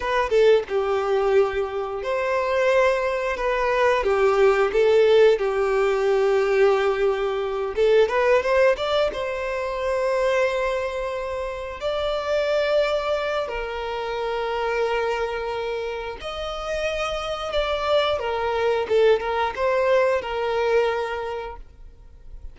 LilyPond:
\new Staff \with { instrumentName = "violin" } { \time 4/4 \tempo 4 = 89 b'8 a'8 g'2 c''4~ | c''4 b'4 g'4 a'4 | g'2.~ g'8 a'8 | b'8 c''8 d''8 c''2~ c''8~ |
c''4. d''2~ d''8 | ais'1 | dis''2 d''4 ais'4 | a'8 ais'8 c''4 ais'2 | }